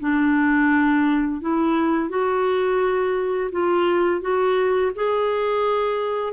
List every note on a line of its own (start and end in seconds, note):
0.00 1.41 D4
1.41 2.10 E4
2.10 3.51 F#4
3.52 4.21 F4
4.21 4.92 F#4
4.95 6.33 G#4